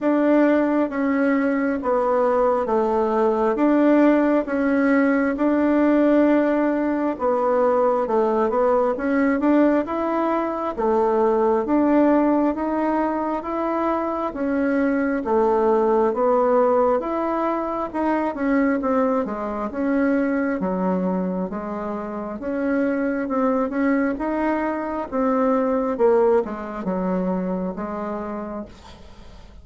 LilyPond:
\new Staff \with { instrumentName = "bassoon" } { \time 4/4 \tempo 4 = 67 d'4 cis'4 b4 a4 | d'4 cis'4 d'2 | b4 a8 b8 cis'8 d'8 e'4 | a4 d'4 dis'4 e'4 |
cis'4 a4 b4 e'4 | dis'8 cis'8 c'8 gis8 cis'4 fis4 | gis4 cis'4 c'8 cis'8 dis'4 | c'4 ais8 gis8 fis4 gis4 | }